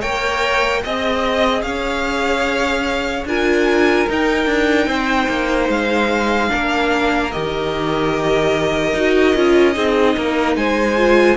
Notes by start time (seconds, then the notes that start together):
0.00 A#3 A#4 C#5 G5
0.82 C4 G#4 D#5
1.62 C#4 C#5 F5
3.24 D4 F4 A#4 G#5
4.08 D#4 G5
4.45 D4
4.86 C4 C5
5.28 A#3
5.68 G#3 F5
6.48 A#3 D4 A#4
7.31 D#3 G4 D#5
8.93 D#4 F#4
9.35 C#4 F4
9.73 C4 D#4 G#4
10.16 A#3 A#4
10.55 G#3 C5 G#5
10.97 F4